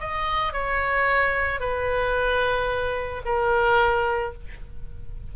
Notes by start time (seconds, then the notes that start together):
0.00 D#5
0.53 C#5
1.60 B4
3.25 A#4